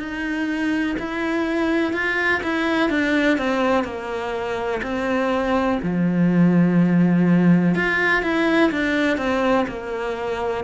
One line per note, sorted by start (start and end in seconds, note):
0.00 0.97 D#4
0.99 1.94 E4
1.94 2.42 F4
2.43 2.90 E4
2.90 3.38 D4
3.38 3.85 C4
3.85 4.82 A#3
4.83 5.80 C4
5.83 7.76 F3
7.76 8.23 F4
8.23 8.71 E4
8.72 9.18 D4
9.18 9.66 C4
9.68 10.65 A#3